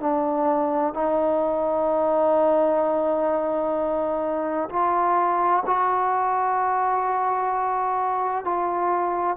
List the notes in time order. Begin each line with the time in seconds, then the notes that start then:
0.00 D4
0.94 D#4
4.69 F4
5.65 F#4
8.44 F4